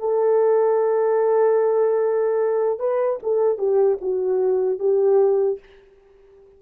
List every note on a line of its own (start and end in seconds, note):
0.00 2.80 A4
2.80 3.20 B4
3.23 3.59 A4
3.59 3.99 G4
4.01 4.80 F#4
4.80 5.60 G4